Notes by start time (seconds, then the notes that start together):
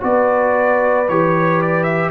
0.00 B3 F#4 B4 D5
1.08 E3 G4 C#5
1.62 D5
1.83 E5